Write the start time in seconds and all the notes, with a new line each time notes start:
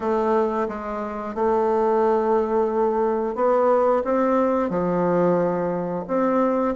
0.00 A3
0.68 G#3
1.34 A3
3.35 B3
4.04 C4
4.69 F3
6.07 C4